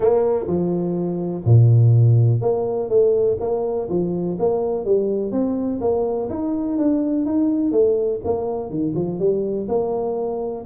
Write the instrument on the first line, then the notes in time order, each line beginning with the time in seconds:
tuba
0.00 A#3
0.47 F3
1.45 A#2
2.41 A#3
2.89 A3
3.40 A#3
3.89 F3
4.39 A#3
4.85 G3
5.31 C4
5.80 A#3
6.29 D#4
6.77 D4
7.25 D#4
7.71 A3
8.24 A#3
8.69 D#3
8.95 F3
9.19 G3
9.68 A#3